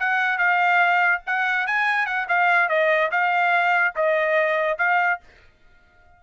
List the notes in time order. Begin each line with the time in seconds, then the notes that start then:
0.00 F#5
0.39 F5
1.27 F#5
1.67 G#5
2.07 F#5
2.29 F5
2.69 D#5
3.12 F5
3.96 D#5
4.79 F5